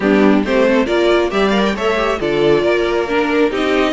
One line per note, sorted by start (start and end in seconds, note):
0.00 0.43 G3
0.00 0.44 B3
0.00 0.45 D4
0.00 0.44 G4
0.43 0.87 A3
0.43 0.86 C4
0.43 0.67 G4
0.43 0.86 C5
0.67 0.85 A4
0.85 1.31 A#3
0.85 1.30 F4
0.85 1.29 A#4
0.85 1.30 D5
1.30 1.75 G3
1.30 1.52 G4
1.30 1.75 D5
1.30 1.49 E5
1.49 1.73 A#4
1.49 1.60 F5
1.65 1.76 G5
1.75 2.19 A3
1.75 1.96 A4
1.75 2.19 C#5
1.75 2.20 E5
1.96 2.18 G4
2.19 2.63 D3
2.19 3.07 F4
2.19 2.62 A4
2.19 3.08 D5
2.62 3.50 A#3
2.62 3.50 A#4
3.07 3.51 D4
3.07 3.52 A#4
3.50 3.92 C4
3.50 3.92 D#4
3.50 3.92 G4
3.50 3.92 D#5